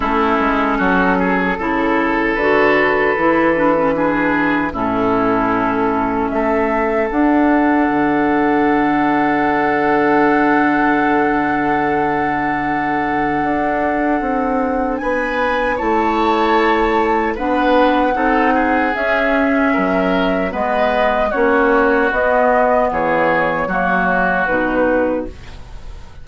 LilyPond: <<
  \new Staff \with { instrumentName = "flute" } { \time 4/4 \tempo 4 = 76 a'2. b'4~ | b'2 a'2 | e''4 fis''2.~ | fis''1~ |
fis''2. gis''4 | a''2 fis''2 | e''2 dis''4 cis''4 | dis''4 cis''2 b'4 | }
  \new Staff \with { instrumentName = "oboe" } { \time 4/4 e'4 fis'8 gis'8 a'2~ | a'4 gis'4 e'2 | a'1~ | a'1~ |
a'2. b'4 | cis''2 b'4 a'8 gis'8~ | gis'4 ais'4 b'4 fis'4~ | fis'4 gis'4 fis'2 | }
  \new Staff \with { instrumentName = "clarinet" } { \time 4/4 cis'2 e'4 fis'4 | e'8 d'16 cis'16 d'4 cis'2~ | cis'4 d'2.~ | d'1~ |
d'1 | e'2 d'4 dis'4 | cis'2 b4 cis'4 | b2 ais4 dis'4 | }
  \new Staff \with { instrumentName = "bassoon" } { \time 4/4 a8 gis8 fis4 cis4 d4 | e2 a,2 | a4 d'4 d2~ | d1~ |
d4 d'4 c'4 b4 | a2 b4 c'4 | cis'4 fis4 gis4 ais4 | b4 e4 fis4 b,4 | }
>>